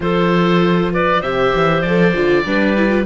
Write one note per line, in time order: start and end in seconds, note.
0.00 1.21 F3
0.00 1.22 F4
0.00 0.93 A4
0.00 0.92 C5
0.93 1.20 B4
0.93 1.22 D5
1.20 1.52 C3
1.20 1.84 G4
1.20 2.43 C5
1.20 1.81 E5
1.54 1.83 E3
1.81 2.14 F3
1.81 2.14 A4
1.81 3.04 D5
2.14 2.45 D3
2.14 2.44 F4
2.45 3.06 G3
2.45 2.76 D4
2.45 3.06 B4
2.76 2.89 E4
2.89 3.04 F4